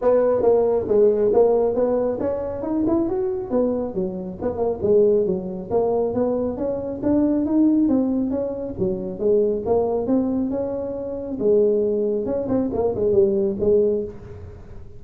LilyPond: \new Staff \with { instrumentName = "tuba" } { \time 4/4 \tempo 4 = 137 b4 ais4 gis4 ais4 | b4 cis'4 dis'8 e'8 fis'4 | b4 fis4 b8 ais8 gis4 | fis4 ais4 b4 cis'4 |
d'4 dis'4 c'4 cis'4 | fis4 gis4 ais4 c'4 | cis'2 gis2 | cis'8 c'8 ais8 gis8 g4 gis4 | }